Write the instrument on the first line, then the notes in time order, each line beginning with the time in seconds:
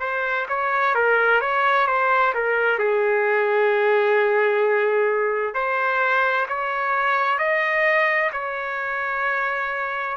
trumpet
0.00 C5
0.48 C#5
0.94 A#4
1.41 C#5
1.87 C5
2.34 A#4
2.79 G#4
5.54 C5
6.48 C#5
7.38 D#5
8.32 C#5